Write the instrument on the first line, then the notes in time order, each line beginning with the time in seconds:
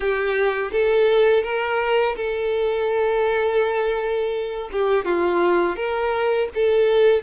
violin
0.00 G4
0.72 A4
1.43 A#4
2.16 A4
4.72 G4
5.05 F4
5.76 A#4
6.54 A4